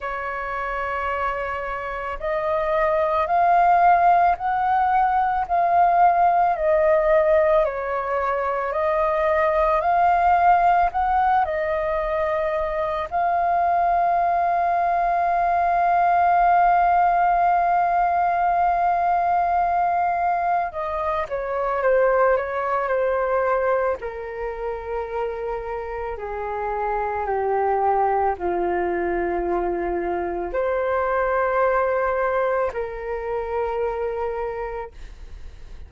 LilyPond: \new Staff \with { instrumentName = "flute" } { \time 4/4 \tempo 4 = 55 cis''2 dis''4 f''4 | fis''4 f''4 dis''4 cis''4 | dis''4 f''4 fis''8 dis''4. | f''1~ |
f''2. dis''8 cis''8 | c''8 cis''8 c''4 ais'2 | gis'4 g'4 f'2 | c''2 ais'2 | }